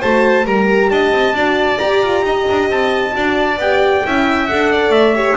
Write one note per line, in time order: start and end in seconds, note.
0.00 0.45 A3
0.00 0.46 F#4
0.00 0.45 C5
0.00 0.47 A5
0.45 0.90 G3
0.45 1.35 G4
0.45 0.90 A#4
0.45 0.90 A#5
0.90 1.12 D4
0.90 1.35 D#5
0.90 1.79 A5
1.12 1.33 C4
1.33 1.78 D4
1.33 1.79 F#4
1.33 2.25 D5
1.79 3.12 G4
1.79 2.03 G4
1.79 2.68 A#5
2.03 2.22 F4
2.22 2.45 D#4
2.22 3.15 D#5
2.50 2.69 D4
2.69 3.14 C4
2.69 3.61 A5
3.12 3.58 D4
3.12 3.56 F#4
3.12 4.06 D5
3.58 4.03 B3
3.58 4.04 G4
3.58 4.47 G5
4.04 4.50 C#4
4.04 4.49 E4
4.04 4.72 E5
4.47 4.90 D4
4.47 5.15 A4
4.47 4.92 F#5
4.72 5.15 D5
4.90 5.35 A3
4.90 5.37 E5
5.15 5.37 G4
5.15 5.37 C#5